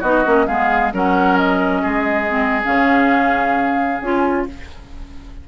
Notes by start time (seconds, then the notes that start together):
0.00 B3 D#4 F#4 D#5
0.25 A#3 C#4
0.47 G#3 B3 G#4 F5
0.93 F#3 C#4 A#4 F#5
1.37 D#5
1.82 G#3 G#4
2.28 C4
2.64 C#3 C#4 F5
4.01 C#4 F4 G#5